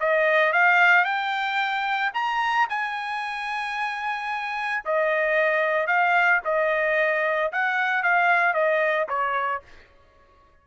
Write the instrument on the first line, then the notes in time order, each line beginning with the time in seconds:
trumpet
0.00 D#5
0.53 F5
1.05 G5
2.14 A#5
2.70 G#5
4.85 D#5
5.87 F5
6.45 D#5
7.52 F#5
8.03 F5
8.54 D#5
9.09 C#5